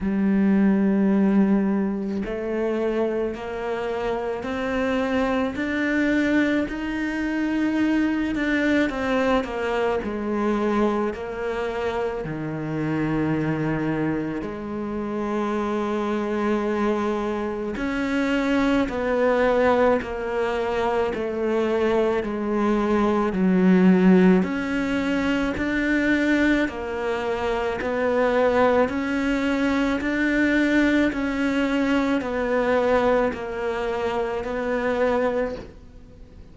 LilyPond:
\new Staff \with { instrumentName = "cello" } { \time 4/4 \tempo 4 = 54 g2 a4 ais4 | c'4 d'4 dis'4. d'8 | c'8 ais8 gis4 ais4 dis4~ | dis4 gis2. |
cis'4 b4 ais4 a4 | gis4 fis4 cis'4 d'4 | ais4 b4 cis'4 d'4 | cis'4 b4 ais4 b4 | }